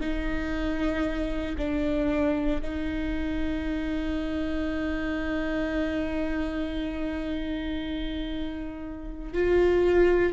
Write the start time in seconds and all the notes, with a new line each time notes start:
0.00 D#4
1.58 D4
2.61 D#4
9.33 F4